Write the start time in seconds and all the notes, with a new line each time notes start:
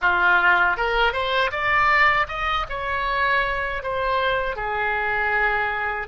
0.01 F4
0.76 A#4
1.13 C5
1.51 D5
2.28 D#5
2.69 C#5
3.82 C5
4.56 G#4